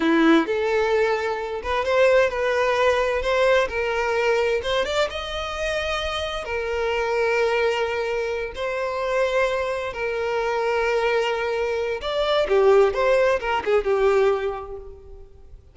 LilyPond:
\new Staff \with { instrumentName = "violin" } { \time 4/4 \tempo 4 = 130 e'4 a'2~ a'8 b'8 | c''4 b'2 c''4 | ais'2 c''8 d''8 dis''4~ | dis''2 ais'2~ |
ais'2~ ais'8 c''4.~ | c''4. ais'2~ ais'8~ | ais'2 d''4 g'4 | c''4 ais'8 gis'8 g'2 | }